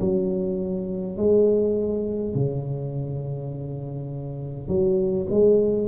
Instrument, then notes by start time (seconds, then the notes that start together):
tuba
0.00 F#3
1.17 G#3
2.35 C#3
4.68 F#3
5.30 G#3